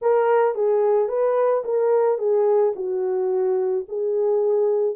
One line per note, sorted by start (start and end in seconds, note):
0.01 0.55 A#4
0.55 1.08 G#4
1.08 1.63 B4
1.64 2.18 A#4
2.18 2.73 G#4
2.75 3.85 F#4
3.88 4.95 G#4